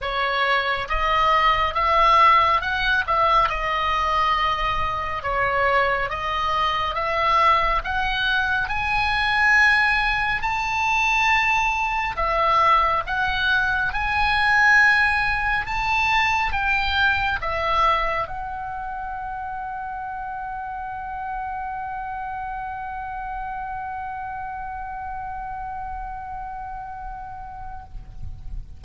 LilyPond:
\new Staff \with { instrumentName = "oboe" } { \time 4/4 \tempo 4 = 69 cis''4 dis''4 e''4 fis''8 e''8 | dis''2 cis''4 dis''4 | e''4 fis''4 gis''2 | a''2 e''4 fis''4 |
gis''2 a''4 g''4 | e''4 fis''2.~ | fis''1~ | fis''1 | }